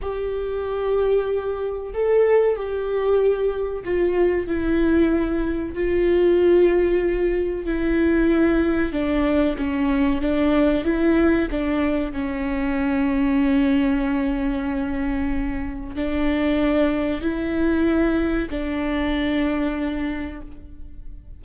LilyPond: \new Staff \with { instrumentName = "viola" } { \time 4/4 \tempo 4 = 94 g'2. a'4 | g'2 f'4 e'4~ | e'4 f'2. | e'2 d'4 cis'4 |
d'4 e'4 d'4 cis'4~ | cis'1~ | cis'4 d'2 e'4~ | e'4 d'2. | }